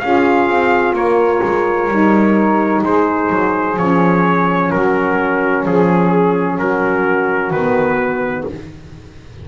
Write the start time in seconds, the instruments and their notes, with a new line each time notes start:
0.00 double bass C#4, saxophone F4 G#4, trumpet F5
0.49 double bass C4
0.94 double bass A#3, saxophone A#4, trumpet C#5
1.43 double bass G#3
1.89 double bass G3, saxophone D#4
2.83 double bass G#3, saxophone G#4, trumpet C5
3.30 double bass F#3
3.77 double bass F3, saxophone C#4, trumpet C#5
4.69 double bass F#3, saxophone F#4, trumpet A#4
5.66 double bass F3, trumpet G#4, saxophone G#4
6.59 double bass F#3, saxophone F#4, trumpet A#4
7.51 double bass D#3, saxophone B3, trumpet B4